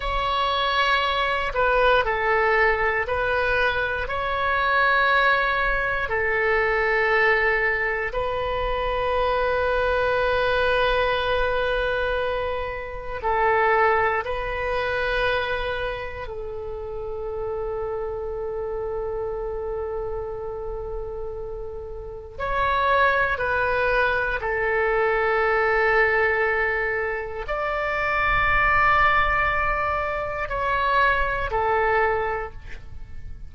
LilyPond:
\new Staff \with { instrumentName = "oboe" } { \time 4/4 \tempo 4 = 59 cis''4. b'8 a'4 b'4 | cis''2 a'2 | b'1~ | b'4 a'4 b'2 |
a'1~ | a'2 cis''4 b'4 | a'2. d''4~ | d''2 cis''4 a'4 | }